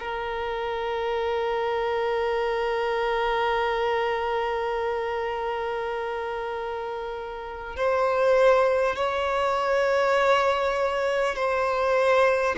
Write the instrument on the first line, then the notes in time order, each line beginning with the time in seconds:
violin
0.00 A#4
7.77 C5
8.96 C#5
11.36 C5